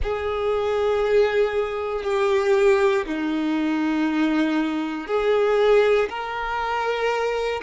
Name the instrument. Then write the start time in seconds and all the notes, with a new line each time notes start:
violin
0.02 G#4
2.03 G4
3.06 D#4
5.07 G#4
6.09 A#4